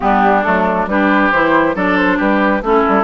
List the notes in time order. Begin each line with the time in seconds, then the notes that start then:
0.00 G3 B3 D4 G4
0.43 F#3 A3 A4
0.86 G3 D4 G4 B4
1.31 E3 E4 C5
1.75 F#3 D4 A4 D5
1.97 C5
2.17 G3 G4 B4
2.61 A3 C#4 E4 A4
2.88 G3